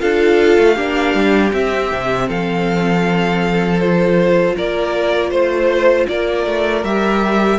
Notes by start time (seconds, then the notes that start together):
0.00 D4 F4 A4 F5
0.59 A3
0.75 A#3 D4 G4
1.15 G3
1.52 C4 E5
1.91 C3
2.27 F3 A4 F5
3.80 F4 C5
4.56 A#3 A#4 D5
5.31 A3 C5
6.08 A#3 A#4 D5
6.46 A3
6.83 G3 G4 E5